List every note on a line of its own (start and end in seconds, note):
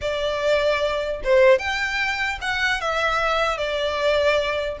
0.01 1.21 D5
1.23 1.59 C5
1.59 2.39 G5
2.41 2.81 F#5
2.81 3.57 E5
3.57 4.77 D5